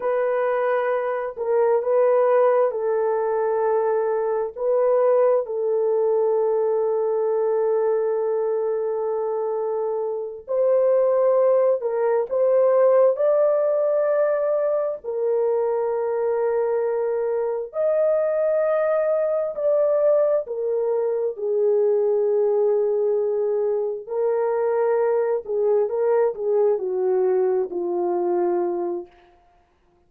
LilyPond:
\new Staff \with { instrumentName = "horn" } { \time 4/4 \tempo 4 = 66 b'4. ais'8 b'4 a'4~ | a'4 b'4 a'2~ | a'2.~ a'8 c''8~ | c''4 ais'8 c''4 d''4.~ |
d''8 ais'2. dis''8~ | dis''4. d''4 ais'4 gis'8~ | gis'2~ gis'8 ais'4. | gis'8 ais'8 gis'8 fis'4 f'4. | }